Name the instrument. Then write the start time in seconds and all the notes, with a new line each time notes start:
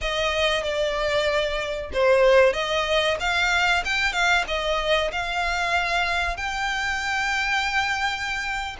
violin
0.01 D#5
0.63 D5
1.93 C5
2.53 D#5
3.19 F5
3.84 G5
4.12 F5
4.47 D#5
5.12 F5
6.37 G5